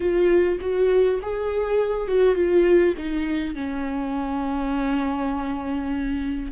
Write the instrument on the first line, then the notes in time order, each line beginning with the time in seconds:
viola
0.00 F4
0.60 F#4
1.22 G#4
2.08 F#4
2.35 F4
2.97 D#4
3.55 C#4